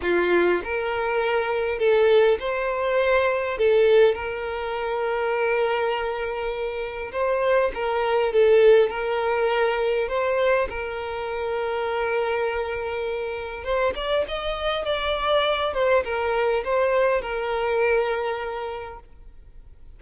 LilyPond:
\new Staff \with { instrumentName = "violin" } { \time 4/4 \tempo 4 = 101 f'4 ais'2 a'4 | c''2 a'4 ais'4~ | ais'1 | c''4 ais'4 a'4 ais'4~ |
ais'4 c''4 ais'2~ | ais'2. c''8 d''8 | dis''4 d''4. c''8 ais'4 | c''4 ais'2. | }